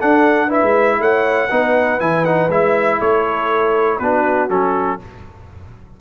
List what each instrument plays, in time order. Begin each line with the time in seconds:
0.00 trombone D4, tuba D4, horn A4, trumpet F#5
0.46 trombone E4, horn B4
0.53 trumpet E5
0.63 tuba G#3
1.00 tuba A3, horn C#5, trumpet F#5
1.48 tuba B3, trombone D#4, horn B4
2.00 tuba E3, trombone E4, trumpet G#5
2.25 trombone D#4, trumpet F#5
2.49 tuba G#3, trombone E4, trumpet E5
2.99 tuba A3, horn A4, trumpet C#5
3.99 tuba B3, trombone D4, horn F#4, trumpet B4
4.49 tuba F#3, trombone C#4, trumpet A4